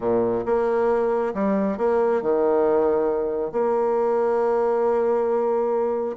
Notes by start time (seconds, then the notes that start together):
0.00 A#2
0.45 A#3
1.34 G3
1.77 A#3
2.22 D#3
3.52 A#3